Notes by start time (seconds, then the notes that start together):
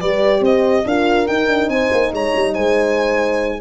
0.00 G3 G4 B4 D5
0.41 C4 C5 D#5
0.86 D4 F4 A#4 F5
1.28 D#4 G5
1.48 D4
1.69 C4 C5 G#5
1.92 A#3
2.14 G#3 C#5 A#5
2.36 G3
2.53 G#3 C5 G#5